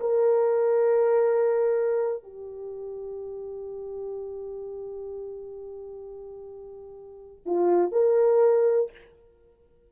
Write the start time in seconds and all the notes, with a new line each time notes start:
0.00 A#4
2.23 G4
7.45 F4
7.92 A#4